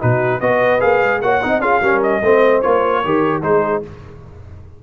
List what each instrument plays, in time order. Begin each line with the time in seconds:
0.00 tuba B2, trombone D#4, horn F#4, trumpet B4
0.40 tuba B3, trombone F#4, horn B4, trumpet D#5
0.79 tuba A#3, trombone G#4, trumpet F5
1.02 tuba G#3
1.21 tuba A#3, trombone F#4, horn C#5, trumpet F#5
1.42 tuba C4, trombone D#4, horn D#5
1.60 tuba C#4, trombone F4, horn G#4, trumpet F5
1.81 tuba G3, trombone C#4, horn A#4
2.03 trumpet D#5
2.22 tuba A3, trombone C4, horn C5
2.61 tuba A#3, trombone F4, trumpet C#5
3.04 tuba D#3, trombone G4, horn A#4
3.42 tuba G#3, trombone D#4, horn G#4, trumpet C5